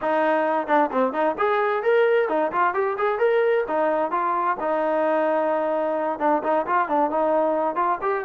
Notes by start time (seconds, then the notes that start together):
0.01 D#4
0.67 D4
0.91 C4
1.12 D#4
1.37 G#4
1.82 A#4
2.28 D#4
2.51 F4
2.74 G4
2.98 G#4
3.18 A#4
3.67 D#4
4.11 F4
4.60 D#4
6.19 D4
6.43 D#4
6.66 F4
6.88 D4
7.10 D#4
7.75 F4
8.01 G4